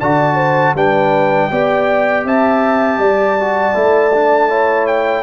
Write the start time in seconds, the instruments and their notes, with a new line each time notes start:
0.00 tuba D3, trombone F#4, horn D5, trumpet A5
0.35 horn C5
0.74 tuba G3, trombone D4, horn B4, trumpet G5
1.51 tuba B3, trombone G4, horn D5
2.25 tuba C4, horn E5, trumpet A5
2.99 tuba G3, horn D5
3.40 trombone F#4
3.74 tuba A3, trombone E4
4.14 trombone D4
4.49 trombone E4, horn C#5
4.87 trumpet G5